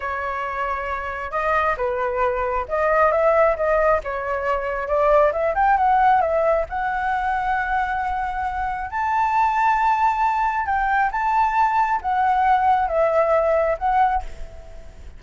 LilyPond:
\new Staff \with { instrumentName = "flute" } { \time 4/4 \tempo 4 = 135 cis''2. dis''4 | b'2 dis''4 e''4 | dis''4 cis''2 d''4 | e''8 g''8 fis''4 e''4 fis''4~ |
fis''1 | a''1 | g''4 a''2 fis''4~ | fis''4 e''2 fis''4 | }